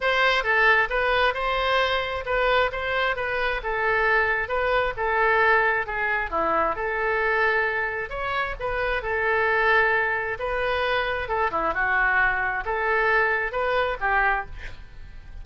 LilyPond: \new Staff \with { instrumentName = "oboe" } { \time 4/4 \tempo 4 = 133 c''4 a'4 b'4 c''4~ | c''4 b'4 c''4 b'4 | a'2 b'4 a'4~ | a'4 gis'4 e'4 a'4~ |
a'2 cis''4 b'4 | a'2. b'4~ | b'4 a'8 e'8 fis'2 | a'2 b'4 g'4 | }